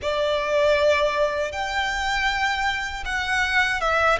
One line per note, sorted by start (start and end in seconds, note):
0.01 1.52 D5
1.52 3.04 G5
3.05 3.80 F#5
3.80 4.18 E5